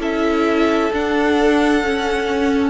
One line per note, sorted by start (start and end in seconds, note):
0.00 0.91 C#4
0.00 0.92 E4
0.00 2.70 A4
0.00 0.93 E5
0.93 1.84 D4
0.93 1.82 D4
0.93 2.70 F#5
1.82 2.70 C#4